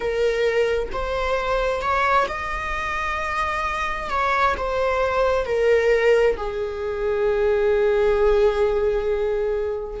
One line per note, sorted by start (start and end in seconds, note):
0.00 0.88 A#4
0.92 1.81 C5
1.81 2.26 C#5
2.28 4.09 D#5
4.09 4.55 C#5
4.57 5.45 C5
5.45 6.36 A#4
6.36 10.00 G#4